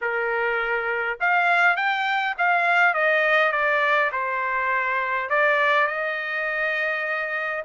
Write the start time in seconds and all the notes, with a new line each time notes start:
0.01 A#4
1.20 F5
1.76 G5
2.38 F5
2.94 D#5
3.52 D5
4.11 C5
5.29 D5
5.87 D#5